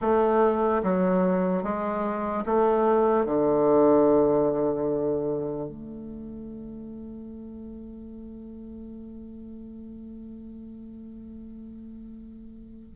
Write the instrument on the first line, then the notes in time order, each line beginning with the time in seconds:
bassoon
0.01 A3
0.83 F#3
1.63 G#3
2.45 A3
3.25 D3
5.68 A3